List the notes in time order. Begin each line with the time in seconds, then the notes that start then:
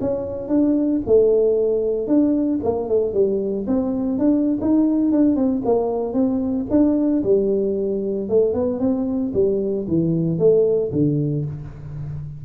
0.00 C#4
0.48 D4
1.06 A3
2.07 D4
2.63 A#3
2.89 A3
3.13 G3
3.67 C4
4.18 D4
4.61 D#4
5.11 D4
5.35 C4
5.65 A#3
6.13 C4
6.70 D4
7.23 G3
8.29 A3
8.54 B3
8.79 C4
9.33 G3
9.88 E3
10.38 A3
10.92 D3